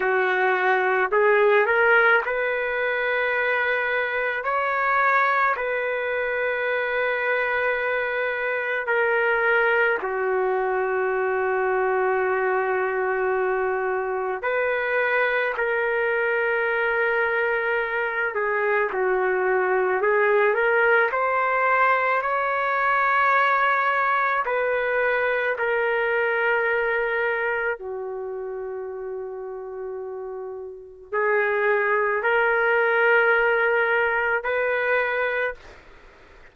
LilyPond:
\new Staff \with { instrumentName = "trumpet" } { \time 4/4 \tempo 4 = 54 fis'4 gis'8 ais'8 b'2 | cis''4 b'2. | ais'4 fis'2.~ | fis'4 b'4 ais'2~ |
ais'8 gis'8 fis'4 gis'8 ais'8 c''4 | cis''2 b'4 ais'4~ | ais'4 fis'2. | gis'4 ais'2 b'4 | }